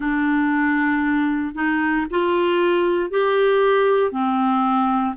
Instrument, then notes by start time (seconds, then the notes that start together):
clarinet
0.00 D4
1.54 D#4
2.10 F4
3.10 G4
4.11 C4